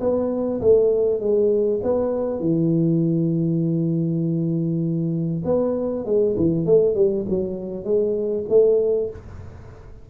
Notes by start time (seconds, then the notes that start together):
0.00 B3
0.61 A3
1.20 G#3
1.83 B3
2.40 E3
5.45 B3
6.06 G#3
6.37 E3
6.66 A3
6.95 G3
7.29 F#3
7.84 G#3
8.49 A3